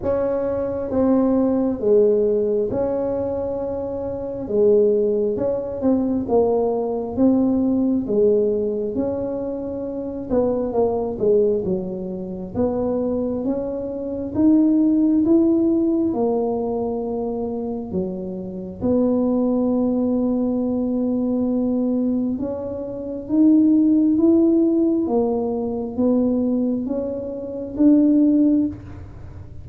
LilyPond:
\new Staff \with { instrumentName = "tuba" } { \time 4/4 \tempo 4 = 67 cis'4 c'4 gis4 cis'4~ | cis'4 gis4 cis'8 c'8 ais4 | c'4 gis4 cis'4. b8 | ais8 gis8 fis4 b4 cis'4 |
dis'4 e'4 ais2 | fis4 b2.~ | b4 cis'4 dis'4 e'4 | ais4 b4 cis'4 d'4 | }